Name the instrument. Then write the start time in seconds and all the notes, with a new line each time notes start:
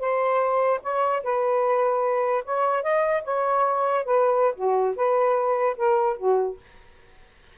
saxophone
0.00 C5
0.83 C#5
1.24 B4
2.45 C#5
2.83 D#5
3.24 C#5
4.05 B4
4.56 F#4
4.96 B4
5.77 A#4
6.17 F#4